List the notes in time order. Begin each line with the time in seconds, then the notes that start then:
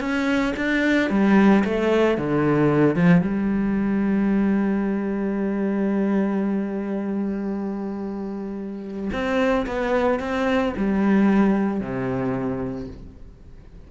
0.00 C#4
0.57 D4
1.10 G3
1.64 A3
2.18 D3
2.96 F3
3.21 G3
9.13 C4
9.67 B3
10.20 C4
10.77 G3
11.81 C3